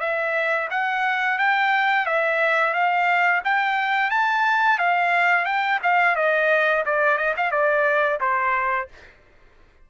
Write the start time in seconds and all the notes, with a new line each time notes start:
0.00 E5
0.70 F#5
1.38 G5
2.06 E5
2.73 F5
3.44 G5
4.10 A5
4.79 F5
5.45 G5
5.83 F5
6.16 D#5
6.86 D5
7.17 D#5
7.37 F5
7.51 D5
8.20 C5